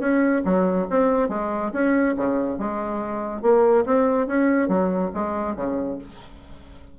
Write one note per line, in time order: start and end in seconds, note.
0.00 0.43 C#4
0.45 0.88 F#3
0.91 1.29 C4
1.29 1.72 G#3
1.73 2.16 C#4
2.17 2.59 C#3
2.59 3.43 G#3
3.43 3.85 A#3
3.86 4.27 C4
4.27 4.69 C#4
4.69 5.11 F#3
5.15 5.56 G#3
5.56 5.99 C#3